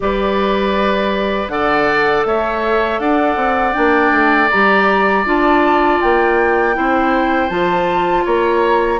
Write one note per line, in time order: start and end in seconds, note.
0.00 1.48 G3
0.00 1.49 G4
0.00 1.52 B4
0.00 1.48 D5
1.48 2.23 D3
1.48 3.73 A4
1.48 2.27 D5
1.48 2.23 F#5
2.25 2.99 A3
2.25 3.00 C#5
2.25 2.99 E5
2.99 3.36 D4
2.99 6.75 D5
2.99 3.73 F#5
3.36 3.73 C4
3.73 4.11 A#3
3.73 4.48 D4
3.73 4.48 G5
4.11 4.48 A3
4.50 5.25 G3
4.50 5.25 G4
4.50 5.25 A#5
5.25 6.00 D4
5.25 6.74 F4
5.25 6.01 A5
6.01 6.77 A#3
6.01 7.49 G5
6.74 7.49 C4
6.74 7.49 E4
6.74 8.24 C5
7.49 8.24 F3
7.49 8.99 F4
7.49 8.24 A5
8.24 9.00 A#3
8.24 8.99 C#5
8.24 9.00 A#5